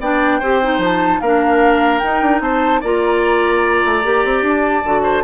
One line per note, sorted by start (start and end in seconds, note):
0.00 0.41 B3
0.00 0.42 D4
0.00 0.39 D5
0.00 0.81 G5
0.39 0.78 C4
0.39 0.62 G4
0.39 1.20 C5
0.62 1.22 D#4
0.78 1.18 F3
0.84 1.20 A5
1.20 2.01 A#3
1.20 2.03 D4
1.20 2.42 A#4
1.20 1.99 F5
1.99 2.21 D#4
1.99 2.83 D#4
1.99 2.39 G5
2.21 2.40 D4
2.40 2.81 C4
2.40 2.80 C5
2.40 2.81 A5
2.80 3.83 A#3
2.80 4.03 F4
2.80 5.02 D5
2.80 4.45 A#5
3.84 4.04 A3
4.03 4.24 A#3
4.03 4.83 G4
4.25 4.41 C4
4.41 4.82 D4
4.48 5.23 A5
4.84 5.23 D3
4.84 5.23 F#4
5.03 5.23 C5